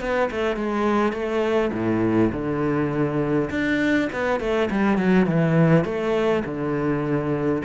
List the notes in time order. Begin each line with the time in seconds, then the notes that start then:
0.00 B3
0.31 A3
0.56 G#3
1.12 A3
1.72 A2
2.32 D3
3.50 D4
4.12 B3
4.40 A3
4.70 G3
4.97 F#3
5.26 E3
5.84 A3
6.45 D3